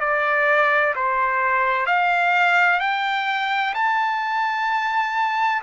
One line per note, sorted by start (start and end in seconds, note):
0.00 0.94 D5
0.95 1.86 C5
1.86 2.80 F5
2.80 3.73 G5
3.74 5.62 A5